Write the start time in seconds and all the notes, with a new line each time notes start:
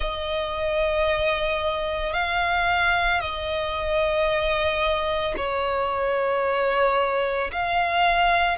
0.00 D#5
2.13 F5
3.20 D#5
5.36 C#5
7.52 F5